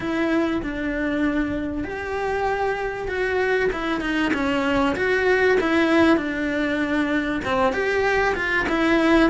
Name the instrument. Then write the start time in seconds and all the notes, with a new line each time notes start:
cello
0.00 E4
0.62 D4
1.84 G4
3.08 F#4
3.72 E4
4.00 D#4
4.33 C#4
4.96 F#4
5.60 E4
6.16 D4
7.45 C4
7.73 G4
8.35 F4
8.69 E4